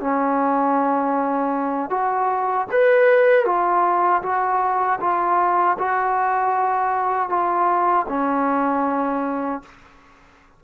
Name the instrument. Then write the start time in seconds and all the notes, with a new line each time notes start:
trombone
0.00 C#4
1.90 F#4
2.71 B4
3.45 F4
4.22 F#4
5.00 F4
5.78 F#4
7.29 F4
8.08 C#4